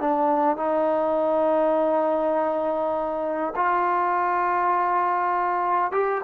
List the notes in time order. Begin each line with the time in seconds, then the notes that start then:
0.00 D4
0.56 D#4
3.55 F4
5.92 G4